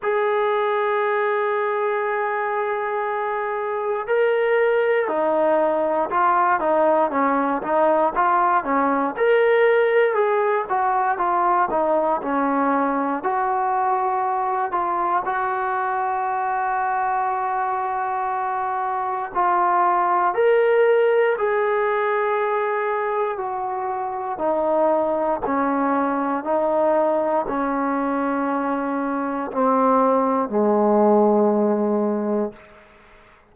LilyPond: \new Staff \with { instrumentName = "trombone" } { \time 4/4 \tempo 4 = 59 gis'1 | ais'4 dis'4 f'8 dis'8 cis'8 dis'8 | f'8 cis'8 ais'4 gis'8 fis'8 f'8 dis'8 | cis'4 fis'4. f'8 fis'4~ |
fis'2. f'4 | ais'4 gis'2 fis'4 | dis'4 cis'4 dis'4 cis'4~ | cis'4 c'4 gis2 | }